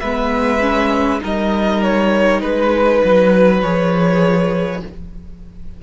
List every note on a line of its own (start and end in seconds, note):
0.00 1.22 G#3
0.00 0.60 B3
0.00 1.21 B4
0.00 1.20 E5
0.60 1.21 C#4
1.21 2.42 G3
1.21 3.60 D#4
1.21 2.41 A#4
1.21 1.83 D#5
1.83 2.40 C#5
2.40 3.02 G#3
2.40 3.60 B4
2.40 4.81 B4
3.04 3.62 F#3
3.62 4.82 F3
3.62 4.83 G#4
3.62 4.82 C#5